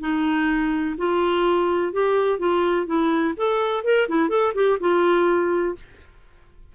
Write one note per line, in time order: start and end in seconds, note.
0.00 0.95 D#4
0.97 1.92 F4
1.92 2.39 G4
2.39 2.86 F4
2.86 3.34 E4
3.36 3.84 A4
3.84 4.07 A#4
4.08 4.29 E4
4.29 4.53 A4
4.54 4.78 G4
4.80 5.75 F4